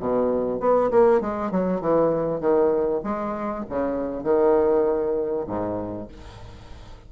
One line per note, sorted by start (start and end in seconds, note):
0.00 0.60 B2
0.60 0.91 B3
0.91 1.21 A#3
1.21 1.52 G#3
1.52 1.81 F#3
1.81 2.41 E3
2.41 3.02 D#3
3.04 3.65 G#3
3.70 4.24 C#3
4.24 5.47 D#3
5.47 6.08 G#2